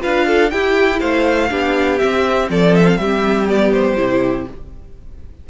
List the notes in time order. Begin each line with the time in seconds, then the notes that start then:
0.00 D4 F4 B4 F5
0.27 A4
0.50 E4 G4 G5
1.00 A3 C5 F5
1.49 B3 D4 G4
1.98 C4 E5
2.49 F3 A4 D5
2.76 E5
2.88 F5
2.97 G3 G4 E5
3.48 B3 D5
3.73 C5
3.97 C3 E4